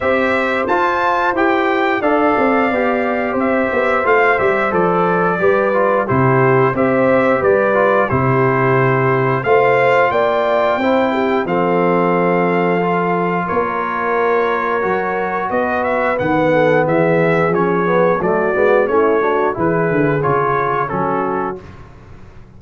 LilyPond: <<
  \new Staff \with { instrumentName = "trumpet" } { \time 4/4 \tempo 4 = 89 e''4 a''4 g''4 f''4~ | f''4 e''4 f''8 e''8 d''4~ | d''4 c''4 e''4 d''4 | c''2 f''4 g''4~ |
g''4 f''2. | cis''2. dis''8 e''8 | fis''4 e''4 cis''4 d''4 | cis''4 b'4 cis''4 a'4 | }
  \new Staff \with { instrumentName = "horn" } { \time 4/4 c''2. d''4~ | d''4 c''2. | b'4 g'4 c''4 b'4 | g'2 c''4 d''4 |
c''8 g'8 a'2. | ais'2. b'4~ | b'8 a'8 gis'2 fis'4 | e'8 fis'8 gis'2 fis'4 | }
  \new Staff \with { instrumentName = "trombone" } { \time 4/4 g'4 f'4 g'4 a'4 | g'2 f'8 g'8 a'4 | g'8 f'8 e'4 g'4. f'8 | e'2 f'2 |
e'4 c'2 f'4~ | f'2 fis'2 | b2 cis'8 b8 a8 b8 | cis'8 d'8 e'4 f'4 cis'4 | }
  \new Staff \with { instrumentName = "tuba" } { \time 4/4 c'4 f'4 e'4 d'8 c'8 | b4 c'8 b8 a8 g8 f4 | g4 c4 c'4 g4 | c2 a4 ais4 |
c'4 f2. | ais2 fis4 b4 | dis4 e4 f4 fis8 gis8 | a4 e8 d8 cis4 fis4 | }
>>